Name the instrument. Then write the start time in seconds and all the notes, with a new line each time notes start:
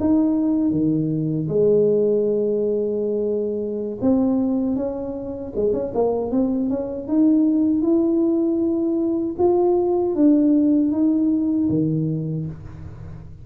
tuba
0.00 D#4
0.71 D#3
1.49 G#3
4.01 C4
4.76 C#4
5.56 G#3
5.73 C#4
5.94 A#3
6.31 C4
6.70 C#4
7.08 D#4
7.82 E4
9.38 F4
10.15 D4
10.92 D#4
11.69 D#3